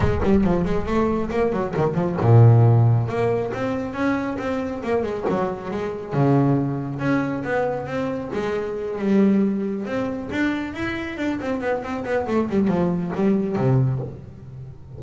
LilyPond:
\new Staff \with { instrumentName = "double bass" } { \time 4/4 \tempo 4 = 137 gis8 g8 f8 gis8 a4 ais8 fis8 | dis8 f8 ais,2 ais4 | c'4 cis'4 c'4 ais8 gis8 | fis4 gis4 cis2 |
cis'4 b4 c'4 gis4~ | gis8 g2 c'4 d'8~ | d'8 e'4 d'8 c'8 b8 c'8 b8 | a8 g8 f4 g4 c4 | }